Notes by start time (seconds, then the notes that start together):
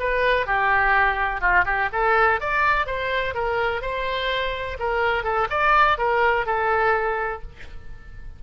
0.00 B4
0.46 G4
1.41 F4
1.65 G4
1.93 A4
2.40 D5
2.87 C5
3.34 A#4
3.82 C5
4.79 A#4
5.24 A4
5.50 D5
5.98 A#4
6.46 A4